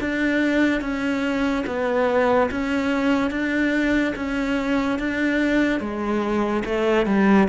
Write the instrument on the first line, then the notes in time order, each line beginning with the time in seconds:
cello
0.00 D4
0.81 C#4
1.66 B3
2.50 C#4
3.30 D4
4.16 C#4
4.98 D4
5.80 G#3
6.65 A3
7.06 G3